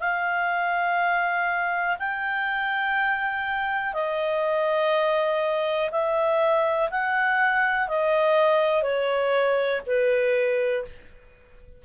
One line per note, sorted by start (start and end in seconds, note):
0.00 1.97 F5
1.99 3.93 G5
3.93 5.90 D#5
5.91 6.89 E5
6.91 7.88 F#5
7.88 8.83 D#5
8.83 9.81 C#5
9.86 10.85 B4